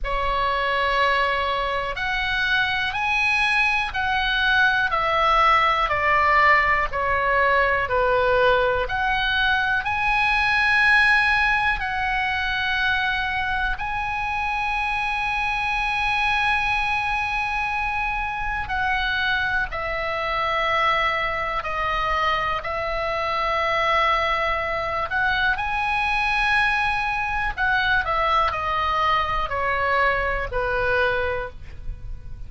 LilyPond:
\new Staff \with { instrumentName = "oboe" } { \time 4/4 \tempo 4 = 61 cis''2 fis''4 gis''4 | fis''4 e''4 d''4 cis''4 | b'4 fis''4 gis''2 | fis''2 gis''2~ |
gis''2. fis''4 | e''2 dis''4 e''4~ | e''4. fis''8 gis''2 | fis''8 e''8 dis''4 cis''4 b'4 | }